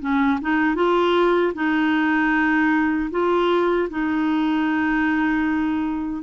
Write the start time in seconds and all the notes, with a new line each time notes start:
0.00 C#4
0.41 D#4
0.75 F4
1.54 D#4
3.11 F4
3.90 D#4